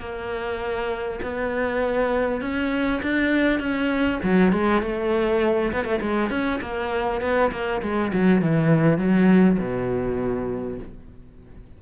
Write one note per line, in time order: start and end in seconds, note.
0.00 1.20 A#3
1.23 2.41 B3
2.41 3.01 C#4
3.03 3.59 D4
3.59 4.19 C#4
4.24 4.52 F#3
4.52 4.82 G#3
4.82 5.72 A3
5.72 5.85 B3
5.85 6.00 A3
6.01 6.30 G#3
6.30 6.60 C#4
6.61 7.21 A#3
7.21 7.51 B3
7.52 7.82 A#3
7.82 8.12 G#3
8.14 8.42 F#3
8.42 8.98 E3
8.98 9.58 F#3
9.59 10.79 B2